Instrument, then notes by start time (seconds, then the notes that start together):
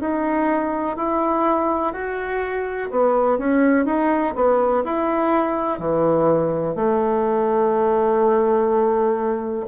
bassoon
0.00 D#4
0.96 E4
1.93 F#4
2.91 B3
3.38 C#4
3.85 D#4
4.35 B3
4.84 E4
5.79 E3
6.75 A3